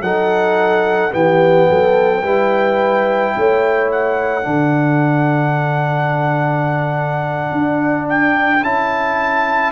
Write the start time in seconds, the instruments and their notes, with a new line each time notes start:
0.00 tuba F#3, trombone D#4, horn A4, trumpet F#5
1.10 tuba E3, trombone B3, horn G4, trumpet G5
1.69 tuba F#3, horn A4
2.22 tuba G3, trombone E4, horn B4
3.37 tuba A3, horn C#5
3.91 trumpet F#5
4.42 tuba D3, trombone D4
4.49 horn A4
7.51 tuba D4
8.08 trumpet G5
8.62 tuba C#4, trombone E4, trumpet A5